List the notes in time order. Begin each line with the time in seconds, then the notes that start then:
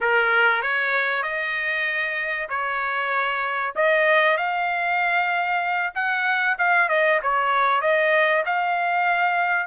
0.01 A#4
0.62 C#5
1.22 D#5
2.49 C#5
3.75 D#5
4.37 F5
5.94 F#5
6.58 F5
6.88 D#5
7.22 C#5
7.81 D#5
8.45 F5